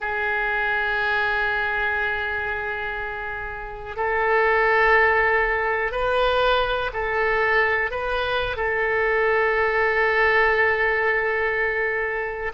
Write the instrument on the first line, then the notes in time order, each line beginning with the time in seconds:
oboe
0.00 G#4
3.96 A4
5.91 B4
6.93 A4
7.90 B4
8.56 A4